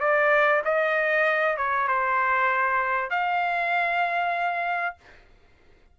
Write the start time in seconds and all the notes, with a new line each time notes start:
0.00 D5
0.64 D#5
1.57 C#5
1.88 C5
3.10 F5